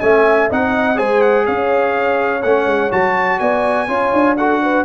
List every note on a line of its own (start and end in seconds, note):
0.00 0.51 A3
0.00 0.50 C#4
0.00 0.50 E5
0.00 0.48 G#5
0.50 1.00 C4
0.50 0.95 D#4
0.50 0.97 D#5
0.50 0.98 F#5
0.95 1.48 G#3
0.95 2.40 G#4
0.95 1.45 C5
0.95 1.22 G#5
1.22 1.46 F#5
1.46 2.44 C#4
1.46 3.40 C#5
1.46 2.42 F5
2.42 2.66 A3
2.42 2.91 C#4
2.42 2.91 F#5
2.66 2.90 G#3
2.91 3.40 F#3
2.91 3.87 F#4
2.91 3.39 A5
3.39 3.88 B3
3.39 3.88 D5
3.39 4.36 G#5
3.88 4.12 C#4
3.88 4.36 F4
3.88 4.37 C#5
4.13 4.85 D4
4.37 4.85 F#4
4.37 4.62 A4
4.37 4.85 F#5
4.63 4.85 B4